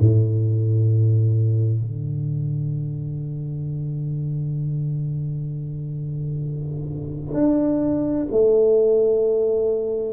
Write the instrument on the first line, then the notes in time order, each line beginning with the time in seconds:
tuba
0.00 A2
1.82 D3
7.34 D4
8.31 A3